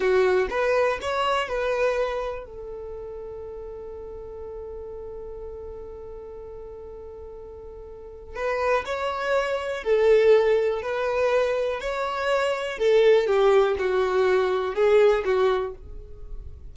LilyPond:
\new Staff \with { instrumentName = "violin" } { \time 4/4 \tempo 4 = 122 fis'4 b'4 cis''4 b'4~ | b'4 a'2.~ | a'1~ | a'1~ |
a'4 b'4 cis''2 | a'2 b'2 | cis''2 a'4 g'4 | fis'2 gis'4 fis'4 | }